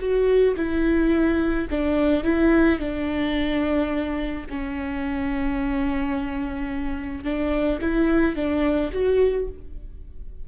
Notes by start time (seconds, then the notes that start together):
0.00 F#4
0.57 E4
1.71 D4
2.24 E4
2.80 D4
4.50 C#4
7.25 D4
7.82 E4
8.36 D4
8.93 F#4